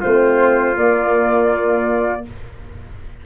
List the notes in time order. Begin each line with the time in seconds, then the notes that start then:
0.00 A3 C4 F4 C5
0.76 A#3 D5